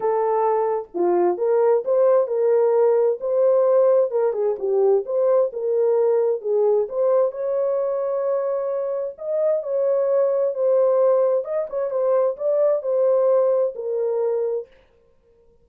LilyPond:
\new Staff \with { instrumentName = "horn" } { \time 4/4 \tempo 4 = 131 a'2 f'4 ais'4 | c''4 ais'2 c''4~ | c''4 ais'8 gis'8 g'4 c''4 | ais'2 gis'4 c''4 |
cis''1 | dis''4 cis''2 c''4~ | c''4 dis''8 cis''8 c''4 d''4 | c''2 ais'2 | }